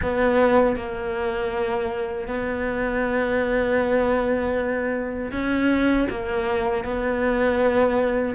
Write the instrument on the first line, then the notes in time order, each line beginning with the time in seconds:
cello
0.02 B3
0.76 A#3
2.27 B3
5.31 C#4
6.10 A#3
6.84 B3